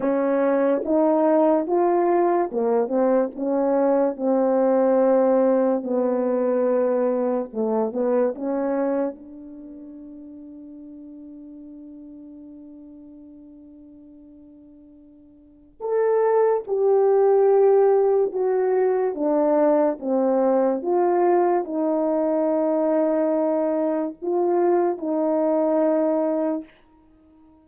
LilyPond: \new Staff \with { instrumentName = "horn" } { \time 4/4 \tempo 4 = 72 cis'4 dis'4 f'4 ais8 c'8 | cis'4 c'2 b4~ | b4 a8 b8 cis'4 d'4~ | d'1~ |
d'2. a'4 | g'2 fis'4 d'4 | c'4 f'4 dis'2~ | dis'4 f'4 dis'2 | }